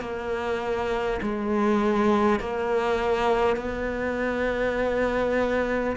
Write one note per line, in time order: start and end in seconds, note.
0.00 1.20 A#3
1.22 2.39 G#3
2.39 3.56 A#3
3.56 5.96 B3